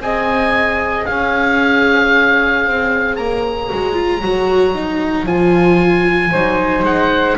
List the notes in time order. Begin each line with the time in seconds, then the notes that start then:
0.00 C4 G#4 D#5 G#5
1.06 C#4 C#5 F5
2.66 C4
3.16 A#3 A#5
3.70 G#3 F#4
3.94 F4
4.22 F#3 F#4
4.75 D#4
5.27 F3 F4 G#5
6.32 F#3 D#4 C5
6.83 G#3 F#5